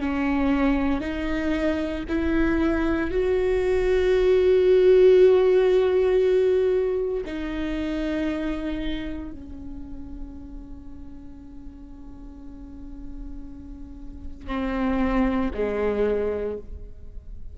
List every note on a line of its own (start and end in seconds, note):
0.00 1.01 C#4
1.01 2.05 D#4
2.09 3.11 E4
3.11 7.25 F#4
7.26 9.32 D#4
9.32 14.47 C#4
14.47 15.51 C4
15.55 16.58 G#3